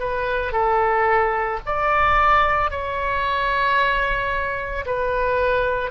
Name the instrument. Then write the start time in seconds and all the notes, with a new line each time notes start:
oboe
0.00 B4
0.53 A4
1.66 D5
2.71 C#5
4.86 B4